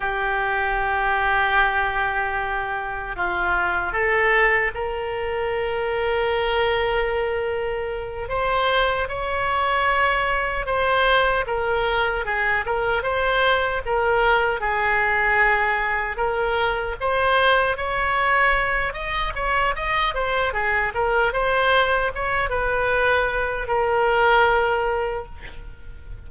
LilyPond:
\new Staff \with { instrumentName = "oboe" } { \time 4/4 \tempo 4 = 76 g'1 | f'4 a'4 ais'2~ | ais'2~ ais'8 c''4 cis''8~ | cis''4. c''4 ais'4 gis'8 |
ais'8 c''4 ais'4 gis'4.~ | gis'8 ais'4 c''4 cis''4. | dis''8 cis''8 dis''8 c''8 gis'8 ais'8 c''4 | cis''8 b'4. ais'2 | }